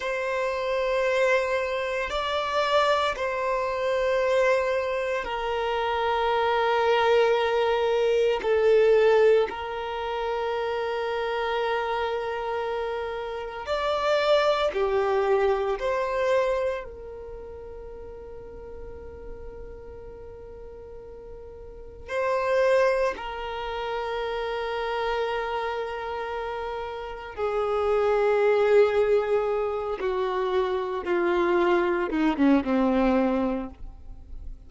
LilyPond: \new Staff \with { instrumentName = "violin" } { \time 4/4 \tempo 4 = 57 c''2 d''4 c''4~ | c''4 ais'2. | a'4 ais'2.~ | ais'4 d''4 g'4 c''4 |
ais'1~ | ais'4 c''4 ais'2~ | ais'2 gis'2~ | gis'8 fis'4 f'4 dis'16 cis'16 c'4 | }